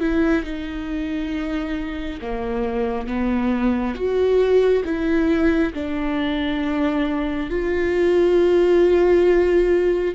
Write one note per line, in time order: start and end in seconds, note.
0.00 0.44 E4
0.44 2.20 D#4
2.21 3.06 A#3
3.06 3.95 B3
3.95 4.83 F#4
4.85 5.73 E4
5.74 7.50 D4
7.50 10.15 F4